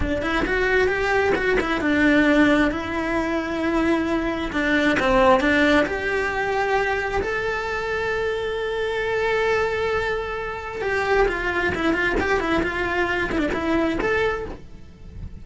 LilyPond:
\new Staff \with { instrumentName = "cello" } { \time 4/4 \tempo 4 = 133 d'8 e'8 fis'4 g'4 fis'8 e'8 | d'2 e'2~ | e'2 d'4 c'4 | d'4 g'2. |
a'1~ | a'1 | g'4 f'4 e'8 f'8 g'8 e'8 | f'4. e'16 d'16 e'4 a'4 | }